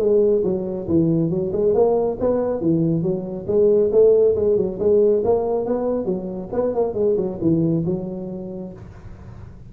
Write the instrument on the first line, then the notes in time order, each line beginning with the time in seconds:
tuba
0.00 G#3
0.44 F#3
0.88 E3
1.30 F#3
1.53 G#3
1.75 A#3
2.20 B3
2.61 E3
3.03 F#3
3.48 G#3
3.92 A3
4.36 G#3
4.57 F#3
4.80 G#3
5.25 A#3
5.66 B3
6.06 F#3
6.53 B3
6.75 A#3
6.94 G#3
7.17 F#3
7.42 E3
7.86 F#3